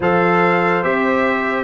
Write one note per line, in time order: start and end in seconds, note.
0.00 0.83 F3
0.00 0.83 A4
0.00 1.64 C5
0.00 0.83 F5
0.83 1.64 C4
0.83 1.64 G4
0.83 1.64 E5